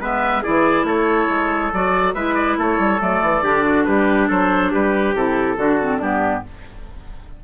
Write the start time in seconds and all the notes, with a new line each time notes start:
0.00 G#3 B3 B4 E5
0.42 E3 E4 G#4 D5
0.84 A3 A4 C#5
1.29 G#3
1.73 F#3 F#4 D5
2.14 G#3 E4 B4 E5
2.34 D5
2.57 A3 A4 C#5
2.79 G3
2.99 F#3 A3 D5
3.21 E3
3.43 D3 D4 G4
3.64 F#4
3.84 G3 G4 B4
4.28 F#3 A4 C5
4.71 G3 G4 B4
5.14 C3 E4 A4
5.57 D3 D4 F#4
5.80 C4
5.99 G2 B3 D4 G4